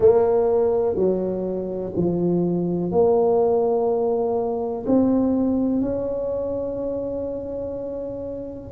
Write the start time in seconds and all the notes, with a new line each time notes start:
0.00 A#3
0.95 F#3
1.96 F3
2.91 A#3
4.86 C4
5.81 C#4